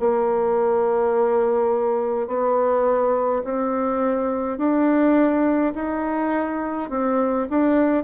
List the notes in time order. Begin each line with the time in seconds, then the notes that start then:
0.00 A#3
2.28 B3
3.45 C4
4.58 D4
5.74 D#4
6.90 C4
7.50 D4